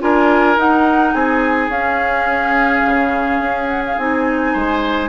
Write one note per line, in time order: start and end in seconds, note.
0.00 0.57 D4
0.00 0.57 F4
0.00 1.15 A#4
0.00 0.58 G#5
0.57 1.13 D#4
0.57 1.70 D#4
0.57 1.14 F#5
1.14 1.69 C4
1.14 4.53 G#4
1.14 1.70 G#5
1.69 2.82 C#4
1.69 3.98 C#4
1.69 3.69 F5
2.86 3.40 C#3
3.40 3.96 C#4
3.69 3.83 F#5
3.86 3.99 F5
3.98 4.55 C4
3.98 5.09 D#4
3.98 5.09 G#5
4.53 5.09 G#3
4.53 5.09 C5